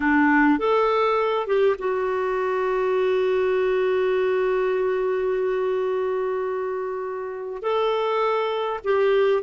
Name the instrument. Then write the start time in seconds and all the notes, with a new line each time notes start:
clarinet
0.00 D4
0.58 A4
1.46 G4
1.78 F#4
7.62 A4
8.83 G4